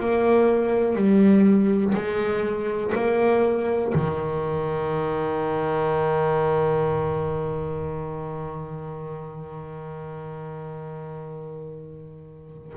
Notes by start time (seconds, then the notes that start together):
0.00 A#3
0.95 G3
1.94 G#3
2.95 A#3
3.95 D#3